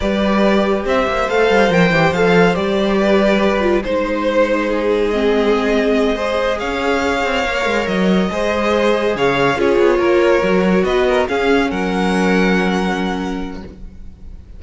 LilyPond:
<<
  \new Staff \with { instrumentName = "violin" } { \time 4/4 \tempo 4 = 141 d''2 e''4 f''4 | g''4 f''4 d''2~ | d''4 c''2. | dis''2.~ dis''8 f''8~ |
f''2~ f''8 dis''4.~ | dis''4. f''4 cis''4.~ | cis''4. dis''4 f''4 fis''8~ | fis''1 | }
  \new Staff \with { instrumentName = "violin" } { \time 4/4 b'2 c''2~ | c''2. b'4~ | b'4 c''2 gis'4~ | gis'2~ gis'8 c''4 cis''8~ |
cis''2.~ cis''8 c''8~ | c''4. cis''4 gis'4 ais'8~ | ais'4. b'8 ais'8 gis'4 ais'8~ | ais'1 | }
  \new Staff \with { instrumentName = "viola" } { \time 4/4 g'2. a'4 | ais'8 g'8 a'4 g'2~ | g'8 f'8 dis'2. | c'2~ c'8 gis'4.~ |
gis'4. ais'2 gis'8~ | gis'2~ gis'8 f'4.~ | f'8 fis'2 cis'4.~ | cis'1 | }
  \new Staff \with { instrumentName = "cello" } { \time 4/4 g2 c'8 ais8 a8 g8 | f8 e8 f4 g2~ | g4 gis2.~ | gis2.~ gis8 cis'8~ |
cis'4 c'8 ais8 gis8 fis4 gis8~ | gis4. cis4 cis'8 b8 ais8~ | ais8 fis4 b4 cis'4 fis8~ | fis1 | }
>>